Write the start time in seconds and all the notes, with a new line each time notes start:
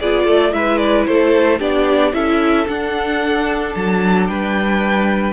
0.00 B3 F4 G#4 D5
0.25 A3 A4
0.52 G#3 E4 B4 E5
0.78 D5
1.06 A3 A4 C5
1.59 B3 D4 G4 D5
2.13 C#4 E4 A4 E5
2.67 D4 F#5
3.74 F#3 A5
4.27 G3 B4 G5